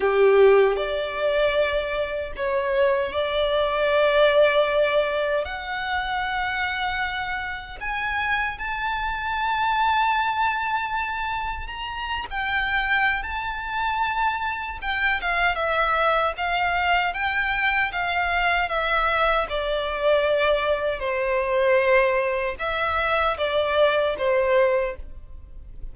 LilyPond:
\new Staff \with { instrumentName = "violin" } { \time 4/4 \tempo 4 = 77 g'4 d''2 cis''4 | d''2. fis''4~ | fis''2 gis''4 a''4~ | a''2. ais''8. g''16~ |
g''4 a''2 g''8 f''8 | e''4 f''4 g''4 f''4 | e''4 d''2 c''4~ | c''4 e''4 d''4 c''4 | }